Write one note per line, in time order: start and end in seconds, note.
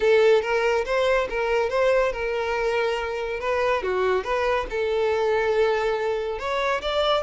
0.00 0.42 A4
0.42 0.84 A#4
0.85 1.27 C5
1.29 1.69 A#4
1.69 2.12 C5
2.12 3.40 A#4
3.40 3.82 B4
3.83 4.23 F#4
4.23 4.66 B4
4.70 6.38 A4
6.38 6.81 C#5
6.81 7.22 D5